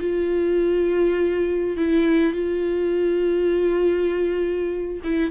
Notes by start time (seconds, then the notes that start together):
0.00 F4
1.77 E4
2.33 F4
5.04 E4